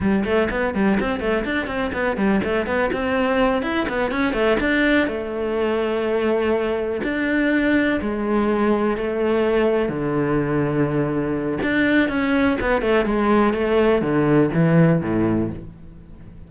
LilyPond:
\new Staff \with { instrumentName = "cello" } { \time 4/4 \tempo 4 = 124 g8 a8 b8 g8 c'8 a8 d'8 c'8 | b8 g8 a8 b8 c'4. e'8 | b8 cis'8 a8 d'4 a4.~ | a2~ a8 d'4.~ |
d'8 gis2 a4.~ | a8 d2.~ d8 | d'4 cis'4 b8 a8 gis4 | a4 d4 e4 a,4 | }